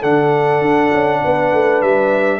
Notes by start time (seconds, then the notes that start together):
0.00 D3 D4 A4 F#5
0.61 D4
0.93 C#4
1.24 B3 B4
1.53 A3
1.82 G3 E5